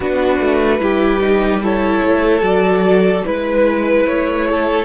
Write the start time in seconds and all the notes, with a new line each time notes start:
0.00 B3 D4 F#4 B4
0.40 A3
0.79 G3 E4 G4
1.20 D#4
1.62 E4 A4 C#5
2.03 A3
2.41 F#3 F#4 D5
3.24 G#3 E4 B4
4.06 A3 C#5
4.50 A4